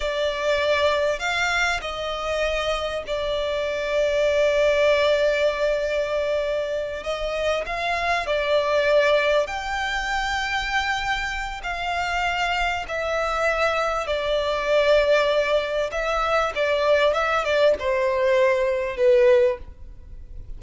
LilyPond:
\new Staff \with { instrumentName = "violin" } { \time 4/4 \tempo 4 = 98 d''2 f''4 dis''4~ | dis''4 d''2.~ | d''2.~ d''8 dis''8~ | dis''8 f''4 d''2 g''8~ |
g''2. f''4~ | f''4 e''2 d''4~ | d''2 e''4 d''4 | e''8 d''8 c''2 b'4 | }